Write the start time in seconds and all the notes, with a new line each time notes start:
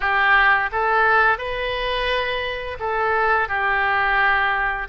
0.00 G4
0.72 A4
1.38 B4
2.79 A4
3.48 G4